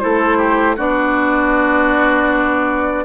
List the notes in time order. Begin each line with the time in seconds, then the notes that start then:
0.00 A3 E4 A4 C5
0.38 G4
0.77 B3 D4 F#4 D5